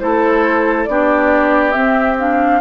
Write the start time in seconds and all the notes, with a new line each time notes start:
0.00 A3 E4 A4 C5
0.85 B3 D4 G4 D5
1.72 C4 E5
2.19 D4 F5